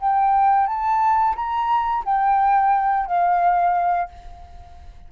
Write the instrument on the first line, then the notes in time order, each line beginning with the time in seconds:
flute
0.00 G5
0.67 A5
1.36 A#5
2.05 G5
3.07 F5